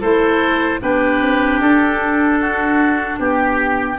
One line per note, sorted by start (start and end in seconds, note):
0.00 0.81 A3
0.00 0.80 E4
0.00 0.79 A4
0.00 0.80 C5
0.80 1.22 B3
0.80 3.96 D4
0.80 2.39 G4
0.80 1.61 B4
1.22 1.61 C4
1.61 3.18 D4
1.61 3.19 A4
2.39 3.18 F#4
3.19 3.98 B3
3.19 3.98 G4